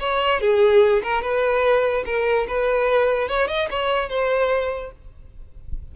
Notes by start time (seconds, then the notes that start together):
0.00 C#5
0.41 G#4
1.04 A#4
1.22 B4
2.06 A#4
2.48 B4
3.29 C#5
3.48 D#5
3.71 C#5
4.10 C5